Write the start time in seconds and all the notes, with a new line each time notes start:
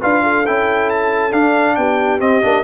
0.00 D4 F4 B4 F5
0.23 A4
0.46 C#4 E4 G5
0.89 A5
1.31 D4 F5
1.75 B3 G4 G5
2.19 C4 D#5
2.42 A#3 D4